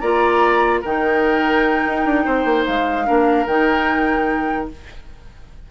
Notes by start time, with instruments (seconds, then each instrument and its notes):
0.00 bassoon A#3, clarinet F4, oboe D5, flute A#5
0.81 bassoon D#3, clarinet D#4, oboe A#4, flute G5
1.87 bassoon D#4
2.06 bassoon D4
2.25 bassoon C4, oboe C5
2.45 bassoon A#3
2.66 bassoon G#3, flute F5
3.06 bassoon A#3, clarinet D4, oboe A#4
3.47 bassoon D#3, clarinet D#4, flute G5